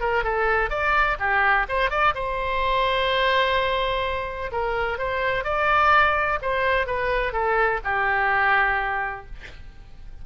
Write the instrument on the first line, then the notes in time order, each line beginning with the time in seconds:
oboe
0.00 A#4
0.24 A4
0.70 D5
1.19 G4
1.69 C5
1.90 D5
2.15 C5
4.52 A#4
4.98 C5
5.44 D5
6.42 C5
6.87 B4
7.32 A4
7.84 G4